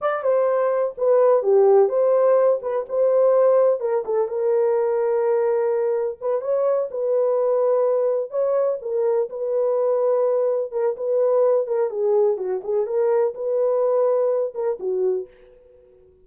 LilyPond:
\new Staff \with { instrumentName = "horn" } { \time 4/4 \tempo 4 = 126 d''8 c''4. b'4 g'4 | c''4. b'8 c''2 | ais'8 a'8 ais'2.~ | ais'4 b'8 cis''4 b'4.~ |
b'4. cis''4 ais'4 b'8~ | b'2~ b'8 ais'8 b'4~ | b'8 ais'8 gis'4 fis'8 gis'8 ais'4 | b'2~ b'8 ais'8 fis'4 | }